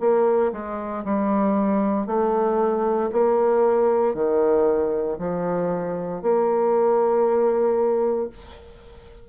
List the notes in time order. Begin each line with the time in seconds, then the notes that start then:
0.00 A#3
0.52 G#3
1.04 G3
2.06 A3
3.12 A#3
4.14 D#3
5.19 F3
6.22 A#3